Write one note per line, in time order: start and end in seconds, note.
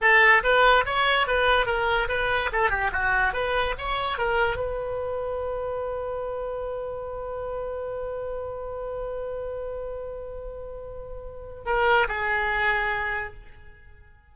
0.01 0.42 A4
0.43 0.84 B4
0.85 1.27 C#5
1.27 1.66 B4
1.66 2.07 A#4
2.08 2.50 B4
2.52 2.70 A4
2.70 2.91 G4
2.92 3.33 F#4
3.33 3.74 B4
3.78 4.18 C#5
4.18 4.56 A#4
4.56 11.64 B4
11.65 12.07 A#4
12.08 13.33 G#4